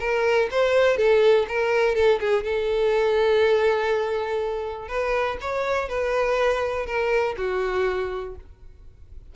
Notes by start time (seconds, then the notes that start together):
0.00 A#4
0.51 C5
0.97 A4
1.48 A#4
1.95 A4
2.20 G#4
2.44 A4
4.88 B4
5.41 C#5
5.89 B4
6.86 A#4
7.37 F#4